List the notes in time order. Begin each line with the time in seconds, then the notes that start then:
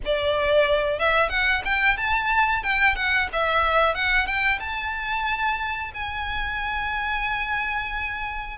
0.05 D5
0.99 E5
1.29 F#5
1.64 G5
1.97 A5
2.63 G5
2.95 F#5
3.32 E5
3.94 F#5
4.26 G5
4.59 A5
5.93 G#5